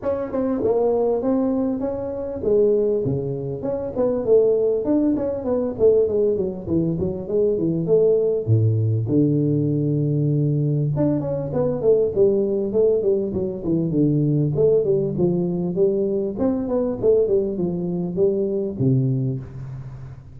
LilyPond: \new Staff \with { instrumentName = "tuba" } { \time 4/4 \tempo 4 = 99 cis'8 c'8 ais4 c'4 cis'4 | gis4 cis4 cis'8 b8 a4 | d'8 cis'8 b8 a8 gis8 fis8 e8 fis8 | gis8 e8 a4 a,4 d4~ |
d2 d'8 cis'8 b8 a8 | g4 a8 g8 fis8 e8 d4 | a8 g8 f4 g4 c'8 b8 | a8 g8 f4 g4 c4 | }